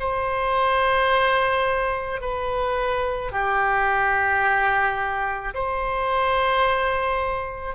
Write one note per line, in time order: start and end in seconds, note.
0.00 2.21 C5
2.21 3.32 B4
3.32 5.54 G4
5.55 7.75 C5